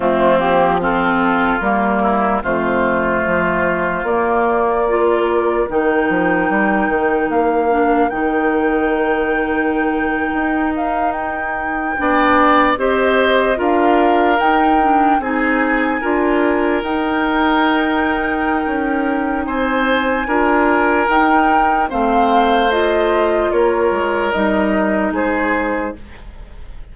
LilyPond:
<<
  \new Staff \with { instrumentName = "flute" } { \time 4/4 \tempo 4 = 74 f'8 g'8 a'4 ais'4 c''4~ | c''4 d''2 g''4~ | g''4 f''4 g''2~ | g''4~ g''16 f''8 g''2 dis''16~ |
dis''8. f''4 g''4 gis''4~ gis''16~ | gis''8. g''2.~ g''16 | gis''2 g''4 f''4 | dis''4 cis''4 dis''4 c''4 | }
  \new Staff \with { instrumentName = "oboe" } { \time 4/4 c'4 f'4. e'8 f'4~ | f'2 ais'2~ | ais'1~ | ais'2~ ais'8. d''4 c''16~ |
c''8. ais'2 gis'4 ais'16~ | ais'1 | c''4 ais'2 c''4~ | c''4 ais'2 gis'4 | }
  \new Staff \with { instrumentName = "clarinet" } { \time 4/4 a8 ais8 c'4 ais4 a4~ | a4 ais4 f'4 dis'4~ | dis'4. d'8 dis'2~ | dis'2~ dis'8. d'4 g'16~ |
g'8. f'4 dis'8 d'8 dis'4 f'16~ | f'8. dis'2.~ dis'16~ | dis'4 f'4 dis'4 c'4 | f'2 dis'2 | }
  \new Staff \with { instrumentName = "bassoon" } { \time 4/4 f2 g4 f,4 | f4 ais2 dis8 f8 | g8 dis8 ais4 dis2~ | dis8. dis'2 b4 c'16~ |
c'8. d'4 dis'4 c'4 d'16~ | d'8. dis'2~ dis'16 cis'4 | c'4 d'4 dis'4 a4~ | a4 ais8 gis8 g4 gis4 | }
>>